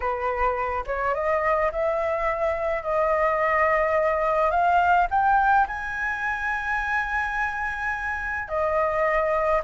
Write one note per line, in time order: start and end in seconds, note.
0.00 0.84 B4
0.86 1.14 C#5
1.14 1.71 D#5
1.71 2.83 E5
2.83 4.50 D#5
4.50 5.07 F5
5.10 5.67 G5
5.67 8.48 G#5
8.48 9.61 D#5